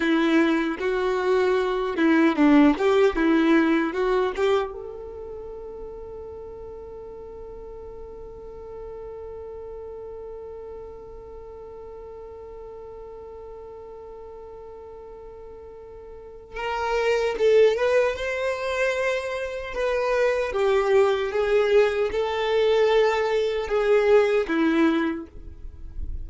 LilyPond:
\new Staff \with { instrumentName = "violin" } { \time 4/4 \tempo 4 = 76 e'4 fis'4. e'8 d'8 g'8 | e'4 fis'8 g'8 a'2~ | a'1~ | a'1~ |
a'1~ | a'4 ais'4 a'8 b'8 c''4~ | c''4 b'4 g'4 gis'4 | a'2 gis'4 e'4 | }